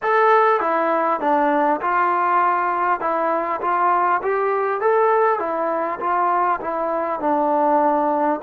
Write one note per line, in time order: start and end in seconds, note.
0.02 0.60 A4
0.60 1.20 E4
1.20 1.80 D4
1.81 3.00 F4
3.00 3.60 E4
3.61 4.21 F4
4.22 4.81 G4
4.81 5.39 A4
5.39 5.99 E4
5.99 6.59 F4
6.60 7.20 E4
7.20 8.40 D4